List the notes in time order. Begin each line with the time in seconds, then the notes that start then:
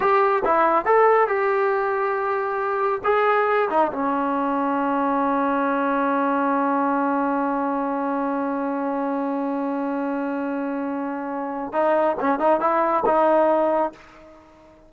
0.00 G4
0.44 E4
0.85 A4
1.27 G4
3.04 G#4
3.70 D#4
3.92 C#4
11.73 D#4
12.20 C#4
12.39 D#4
12.60 E4
13.05 D#4